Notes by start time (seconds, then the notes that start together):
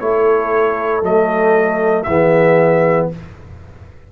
0.00 A3 E4 A4 C#5
1.03 F#3 A3 D#5
2.04 E3 B3 G#4 E5